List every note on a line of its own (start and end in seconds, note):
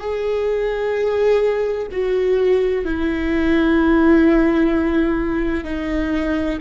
0.00 1.87 G#4
1.91 2.85 F#4
2.85 5.64 E4
5.64 6.58 D#4